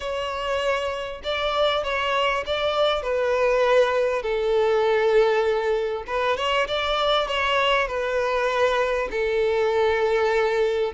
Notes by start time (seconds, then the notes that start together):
0.00 C#5
1.23 D5
1.83 C#5
2.46 D5
3.02 B4
4.22 A4
6.06 B4
6.36 C#5
6.67 D5
7.27 C#5
7.87 B4
9.10 A4